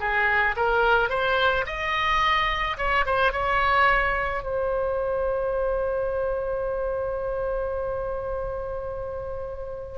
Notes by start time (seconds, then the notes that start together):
0.00 G#4
0.57 A#4
1.10 C5
1.66 D#5
2.78 C#5
3.06 C5
3.32 C#5
4.43 C5